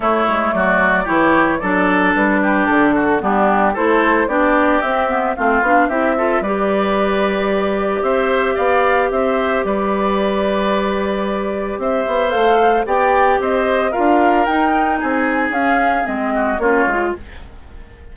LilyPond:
<<
  \new Staff \with { instrumentName = "flute" } { \time 4/4 \tempo 4 = 112 cis''4 d''4 cis''4 d''4 | b'4 a'4 g'4 c''4 | d''4 e''4 f''4 e''4 | d''2. e''4 |
f''4 e''4 d''2~ | d''2 e''4 f''4 | g''4 dis''4 f''4 g''4 | gis''4 f''4 dis''4 cis''4 | }
  \new Staff \with { instrumentName = "oboe" } { \time 4/4 e'4 fis'4 g'4 a'4~ | a'8 g'4 fis'8 d'4 a'4 | g'2 f'4 g'8 a'8 | b'2. c''4 |
d''4 c''4 b'2~ | b'2 c''2 | d''4 c''4 ais'2 | gis'2~ gis'8 fis'8 f'4 | }
  \new Staff \with { instrumentName = "clarinet" } { \time 4/4 a2 e'4 d'4~ | d'2 b4 e'4 | d'4 c'8 b8 c'8 d'8 e'8 f'8 | g'1~ |
g'1~ | g'2. a'4 | g'2 f'4 dis'4~ | dis'4 cis'4 c'4 cis'8 f'8 | }
  \new Staff \with { instrumentName = "bassoon" } { \time 4/4 a8 gis8 fis4 e4 fis4 | g4 d4 g4 a4 | b4 c'4 a8 b8 c'4 | g2. c'4 |
b4 c'4 g2~ | g2 c'8 b8 a4 | b4 c'4 d'4 dis'4 | c'4 cis'4 gis4 ais8 gis8 | }
>>